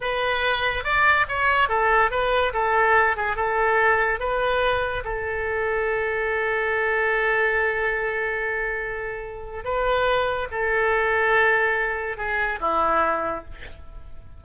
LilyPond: \new Staff \with { instrumentName = "oboe" } { \time 4/4 \tempo 4 = 143 b'2 d''4 cis''4 | a'4 b'4 a'4. gis'8 | a'2 b'2 | a'1~ |
a'1~ | a'2. b'4~ | b'4 a'2.~ | a'4 gis'4 e'2 | }